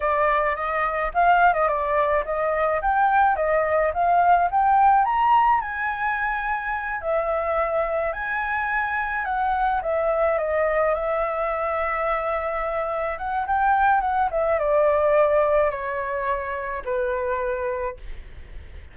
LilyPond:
\new Staff \with { instrumentName = "flute" } { \time 4/4 \tempo 4 = 107 d''4 dis''4 f''8. dis''16 d''4 | dis''4 g''4 dis''4 f''4 | g''4 ais''4 gis''2~ | gis''8 e''2 gis''4.~ |
gis''8 fis''4 e''4 dis''4 e''8~ | e''2.~ e''8 fis''8 | g''4 fis''8 e''8 d''2 | cis''2 b'2 | }